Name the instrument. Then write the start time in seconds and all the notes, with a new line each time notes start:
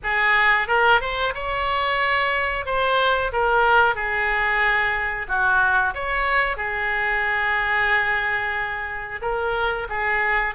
oboe
0.03 G#4
0.67 A#4
1.00 C5
1.34 C#5
2.65 C5
3.32 A#4
3.95 G#4
5.27 F#4
5.94 C#5
6.57 G#4
9.21 A#4
9.89 G#4